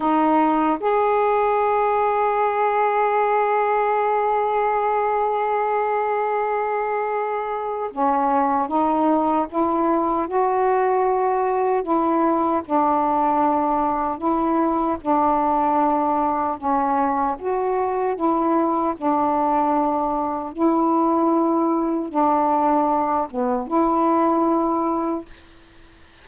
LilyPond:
\new Staff \with { instrumentName = "saxophone" } { \time 4/4 \tempo 4 = 76 dis'4 gis'2.~ | gis'1~ | gis'2 cis'4 dis'4 | e'4 fis'2 e'4 |
d'2 e'4 d'4~ | d'4 cis'4 fis'4 e'4 | d'2 e'2 | d'4. b8 e'2 | }